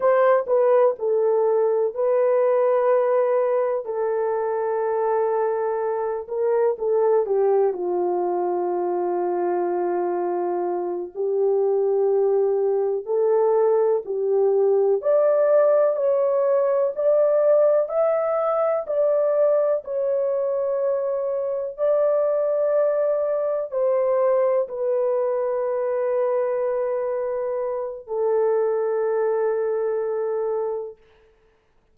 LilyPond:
\new Staff \with { instrumentName = "horn" } { \time 4/4 \tempo 4 = 62 c''8 b'8 a'4 b'2 | a'2~ a'8 ais'8 a'8 g'8 | f'2.~ f'8 g'8~ | g'4. a'4 g'4 d''8~ |
d''8 cis''4 d''4 e''4 d''8~ | d''8 cis''2 d''4.~ | d''8 c''4 b'2~ b'8~ | b'4 a'2. | }